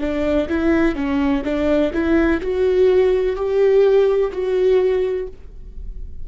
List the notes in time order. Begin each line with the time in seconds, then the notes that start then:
0.00 D4
0.48 E4
0.95 C#4
1.45 D4
1.93 E4
2.41 F#4
3.36 G4
4.32 F#4